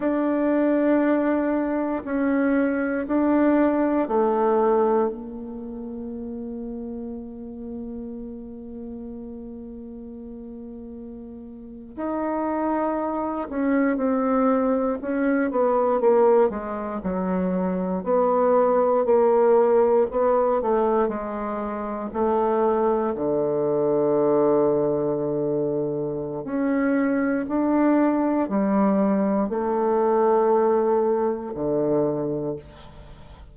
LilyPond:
\new Staff \with { instrumentName = "bassoon" } { \time 4/4 \tempo 4 = 59 d'2 cis'4 d'4 | a4 ais2.~ | ais2.~ ais8. dis'16~ | dis'4~ dis'16 cis'8 c'4 cis'8 b8 ais16~ |
ais16 gis8 fis4 b4 ais4 b16~ | b16 a8 gis4 a4 d4~ d16~ | d2 cis'4 d'4 | g4 a2 d4 | }